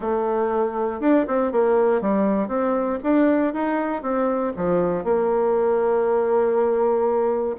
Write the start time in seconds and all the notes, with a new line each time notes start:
0.00 A3
1.00 D4
1.27 C4
1.51 A#3
2.01 G3
2.48 C4
3.03 D4
3.53 D#4
4.02 C4
4.56 F3
5.04 A#3